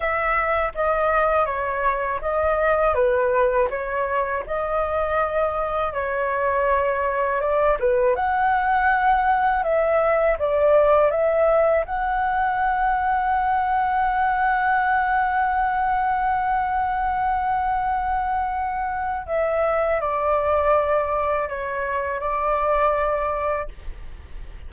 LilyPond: \new Staff \with { instrumentName = "flute" } { \time 4/4 \tempo 4 = 81 e''4 dis''4 cis''4 dis''4 | b'4 cis''4 dis''2 | cis''2 d''8 b'8 fis''4~ | fis''4 e''4 d''4 e''4 |
fis''1~ | fis''1~ | fis''2 e''4 d''4~ | d''4 cis''4 d''2 | }